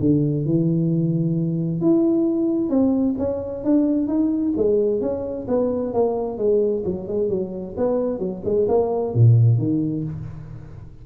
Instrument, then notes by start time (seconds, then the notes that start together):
tuba
0.00 D3
0.46 E3
1.81 E4
2.70 C4
3.19 C#4
3.64 D4
4.08 D#4
4.57 G#3
5.01 C#4
5.48 B3
5.94 A#3
6.38 G#3
6.85 F#3
7.08 G#3
7.30 F#3
7.77 B3
8.19 F#3
8.45 G#3
8.69 A#3
9.15 A#2
9.58 D#3